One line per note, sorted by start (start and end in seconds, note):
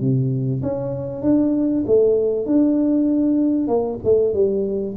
0.00 0.62 C3
0.62 1.22 C#4
1.22 1.84 D4
1.86 2.46 A3
2.46 3.68 D4
3.68 3.99 A#3
4.04 4.34 A3
4.34 4.96 G3